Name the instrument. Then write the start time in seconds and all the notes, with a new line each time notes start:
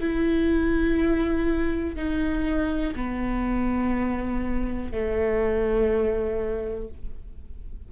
viola
0.00 E4
1.96 D#4
2.96 B3
4.92 A3